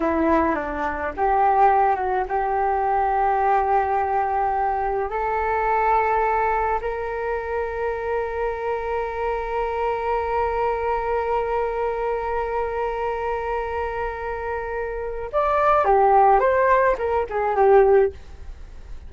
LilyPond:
\new Staff \with { instrumentName = "flute" } { \time 4/4 \tempo 4 = 106 e'4 d'4 g'4. fis'8 | g'1~ | g'4 a'2. | ais'1~ |
ais'1~ | ais'1~ | ais'2. d''4 | g'4 c''4 ais'8 gis'8 g'4 | }